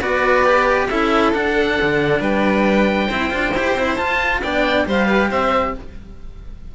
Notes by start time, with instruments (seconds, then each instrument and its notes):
0.00 cello B3 F#4, violin B4, oboe D5
0.45 cello G4
0.88 cello C#4 E4, violin A4, oboe E5
1.33 cello D4, oboe F#5
1.82 cello D3
2.20 cello G3, violin B4, oboe G5
3.08 cello C4 E4, violin C5
3.30 cello D4 F4
3.54 cello E4 G4
3.74 cello C4 E4
3.96 cello F4, oboe A5
4.42 cello B3 D4, violin D5, oboe G5
4.85 cello G3 G4, violin C5, oboe F5
5.07 violin B4
5.30 cello C4, violin C5, oboe E5